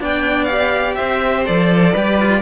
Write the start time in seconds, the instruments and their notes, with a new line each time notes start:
0.00 cello B3 D4, violin D5 G5
0.44 cello G4, violin F5
0.95 cello C4, violin C5 E5
1.46 cello F3 A4, violin D5
1.93 cello G3 G4, violin B4
2.21 cello F4